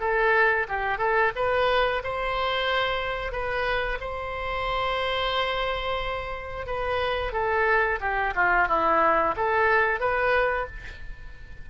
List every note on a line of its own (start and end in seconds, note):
0.00 0.67 A4
0.68 0.98 G4
0.98 1.31 A4
1.35 2.02 B4
2.03 3.32 C5
3.32 3.98 B4
4.00 6.66 C5
6.66 7.32 B4
7.32 7.99 A4
8.00 8.33 G4
8.35 8.68 F4
8.68 9.35 E4
9.36 10.00 A4
10.00 10.66 B4